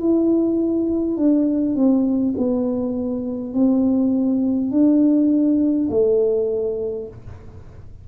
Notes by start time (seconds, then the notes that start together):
0.00 E4
1.17 D4
1.76 C4
2.37 B3
3.54 C4
4.71 D4
5.90 A3